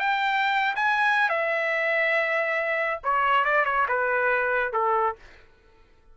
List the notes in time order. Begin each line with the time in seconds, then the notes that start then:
0.00 G5
0.76 G#5
1.29 E5
3.04 C#5
3.45 D5
3.65 C#5
3.88 B4
4.73 A4